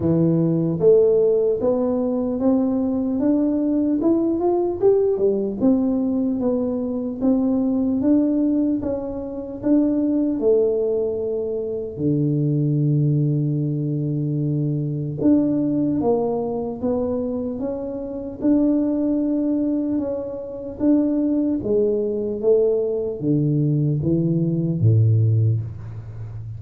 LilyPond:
\new Staff \with { instrumentName = "tuba" } { \time 4/4 \tempo 4 = 75 e4 a4 b4 c'4 | d'4 e'8 f'8 g'8 g8 c'4 | b4 c'4 d'4 cis'4 | d'4 a2 d4~ |
d2. d'4 | ais4 b4 cis'4 d'4~ | d'4 cis'4 d'4 gis4 | a4 d4 e4 a,4 | }